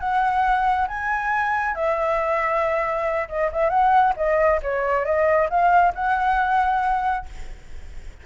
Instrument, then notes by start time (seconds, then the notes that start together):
flute
0.00 F#5
0.88 G#5
1.75 E5
3.29 D#5
3.52 E5
3.70 F#5
4.17 D#5
4.63 C#5
5.05 D#5
5.50 F5
5.95 F#5